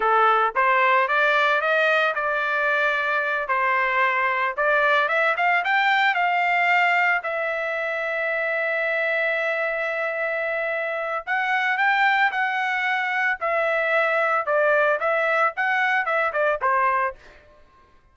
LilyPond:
\new Staff \with { instrumentName = "trumpet" } { \time 4/4 \tempo 4 = 112 a'4 c''4 d''4 dis''4 | d''2~ d''8 c''4.~ | c''8 d''4 e''8 f''8 g''4 f''8~ | f''4. e''2~ e''8~ |
e''1~ | e''4 fis''4 g''4 fis''4~ | fis''4 e''2 d''4 | e''4 fis''4 e''8 d''8 c''4 | }